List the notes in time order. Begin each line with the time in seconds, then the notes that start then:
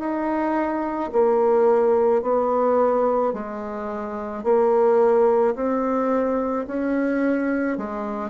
0.00 D#4
1.13 A#3
2.23 B3
3.34 G#3
4.44 A#3
5.56 C4
6.68 C#4
7.78 G#3